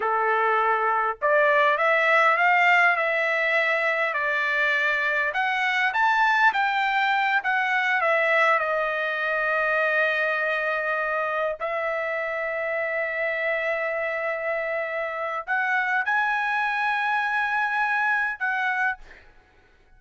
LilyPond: \new Staff \with { instrumentName = "trumpet" } { \time 4/4 \tempo 4 = 101 a'2 d''4 e''4 | f''4 e''2 d''4~ | d''4 fis''4 a''4 g''4~ | g''8 fis''4 e''4 dis''4.~ |
dis''2.~ dis''8 e''8~ | e''1~ | e''2 fis''4 gis''4~ | gis''2. fis''4 | }